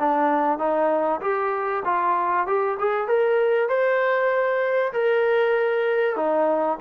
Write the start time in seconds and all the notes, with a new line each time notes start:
0.00 D4
0.59 D#4
1.21 G4
1.85 F4
2.47 G4
2.79 G#4
3.08 A#4
3.69 C5
4.93 A#4
6.16 D#4